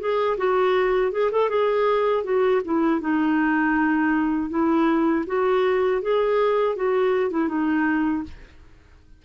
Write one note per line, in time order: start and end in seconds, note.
0.00 0.38 G#4
0.38 1.12 F#4
1.12 1.31 G#4
1.32 1.50 A4
1.50 2.24 G#4
2.24 2.61 F#4
2.65 3.01 E4
3.01 4.50 D#4
4.50 5.25 E4
5.27 6.02 F#4
6.02 6.76 G#4
6.76 7.31 F#4
7.31 7.49 E4
7.49 8.24 D#4